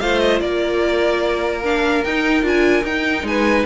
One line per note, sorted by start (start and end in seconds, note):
0.00 0.42 A3
0.00 1.64 F4
0.00 0.43 C5
0.00 0.20 F5
0.20 0.40 D#5
0.40 2.04 A#3
0.40 3.28 A#4
0.40 1.62 D5
1.64 2.05 D4
1.64 2.04 F5
2.04 2.43 D#4
2.04 2.45 G5
2.43 2.84 D4
2.43 2.84 F4
2.43 2.86 G#5
2.85 3.23 D#4
2.85 3.66 D#4
2.85 3.27 G5
3.23 3.64 G#3
3.23 3.66 B4
3.23 3.66 G#5